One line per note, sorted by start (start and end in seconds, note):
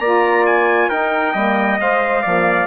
0.00 0.90 A#3
0.00 0.91 F4
0.00 0.89 D5
0.00 0.45 A#5
0.46 0.90 G#5
0.89 1.35 D#4
0.89 1.33 A#4
0.89 1.80 G5
1.33 1.79 G3
1.33 1.80 A#3
1.33 2.22 D#5
1.80 2.25 G#3
1.80 2.24 C5
1.80 2.67 F5
2.22 2.67 F3
2.22 2.67 A#3
2.22 2.67 D5